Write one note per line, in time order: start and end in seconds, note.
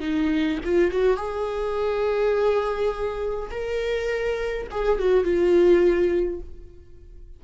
0.00 0.58 D#4
0.64 0.91 F4
0.91 1.17 F#4
1.17 3.50 G#4
3.51 4.67 A#4
4.71 4.99 G#4
4.99 5.24 F#4
5.24 6.40 F4